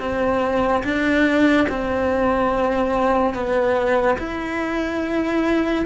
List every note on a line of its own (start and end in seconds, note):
0.00 0.83 C4
0.84 1.68 D4
1.69 3.34 C4
3.34 4.18 B3
4.19 5.86 E4